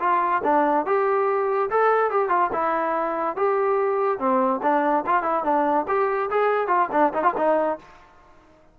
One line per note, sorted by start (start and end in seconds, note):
0.00 0.42 F4
0.44 0.86 D4
0.86 1.70 G4
1.71 2.11 A4
2.11 2.29 G4
2.29 2.50 F4
2.53 3.36 E4
3.36 4.19 G4
4.19 4.61 C4
4.63 5.05 D4
5.07 5.23 F4
5.23 5.44 E4
5.44 5.86 D4
5.88 6.30 G4
6.31 6.68 G#4
6.68 6.89 F4
6.92 7.13 D4
7.14 7.23 D#4
7.23 7.34 F4
7.37 7.79 D#4